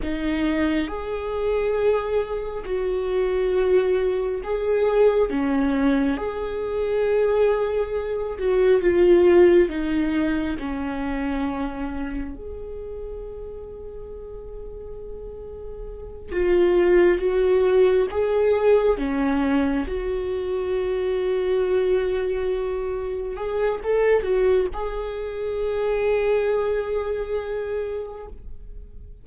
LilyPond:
\new Staff \with { instrumentName = "viola" } { \time 4/4 \tempo 4 = 68 dis'4 gis'2 fis'4~ | fis'4 gis'4 cis'4 gis'4~ | gis'4. fis'8 f'4 dis'4 | cis'2 gis'2~ |
gis'2~ gis'8 f'4 fis'8~ | fis'8 gis'4 cis'4 fis'4.~ | fis'2~ fis'8 gis'8 a'8 fis'8 | gis'1 | }